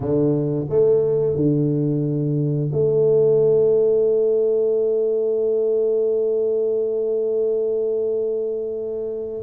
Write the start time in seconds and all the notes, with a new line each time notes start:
0.00 D3
0.69 A3
1.35 D3
2.72 A3